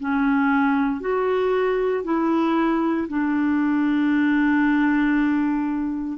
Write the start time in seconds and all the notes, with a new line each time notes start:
0.00 C#4
1.01 F#4
2.04 E4
3.08 D4